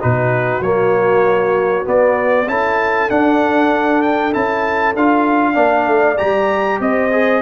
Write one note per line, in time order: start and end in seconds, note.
0.00 0.61 B2
0.00 0.62 D#4
0.00 2.47 F#4
0.00 0.63 B4
0.61 1.84 F#3
0.61 1.85 A#3
0.61 1.86 C#5
1.85 2.46 B3
1.85 2.47 B3
1.85 2.48 D5
2.47 3.09 C#4
2.47 3.10 E4
2.47 5.53 A4
2.47 3.10 A5
3.10 4.33 D4
3.10 4.34 D4
3.10 4.02 F#5
4.02 4.33 G5
4.33 4.95 C#4
4.33 4.94 E4
4.33 4.95 A5
4.95 5.56 D4
4.95 5.54 F4
4.95 6.18 F5
5.53 5.87 A#3
5.53 6.16 D4
5.53 6.77 D5
5.87 6.18 A3
6.18 6.80 G3
6.18 7.11 G4
6.18 6.80 A#5
6.80 7.41 C4
6.80 7.41 C5
6.80 7.41 D#5
7.11 7.41 G#4